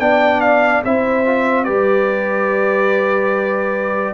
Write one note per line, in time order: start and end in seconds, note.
0.00 0.83 B3
0.00 0.84 D4
0.00 0.84 D5
0.00 0.41 G5
0.41 0.82 F5
0.84 1.68 C4
0.84 1.26 E4
0.84 1.65 C5
0.84 1.65 E5
1.26 1.66 F4
1.65 4.14 G3
1.65 4.14 G4
1.65 4.14 B4
1.65 4.14 D5